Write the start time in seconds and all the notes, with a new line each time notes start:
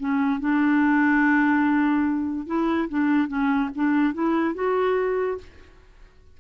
0.00 C#4
0.40 D4
2.47 E4
2.89 D4
3.28 C#4
3.75 D4
4.14 E4
4.55 F#4